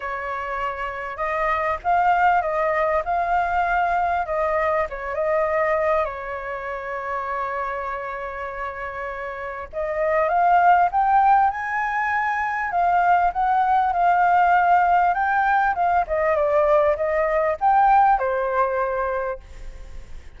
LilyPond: \new Staff \with { instrumentName = "flute" } { \time 4/4 \tempo 4 = 99 cis''2 dis''4 f''4 | dis''4 f''2 dis''4 | cis''8 dis''4. cis''2~ | cis''1 |
dis''4 f''4 g''4 gis''4~ | gis''4 f''4 fis''4 f''4~ | f''4 g''4 f''8 dis''8 d''4 | dis''4 g''4 c''2 | }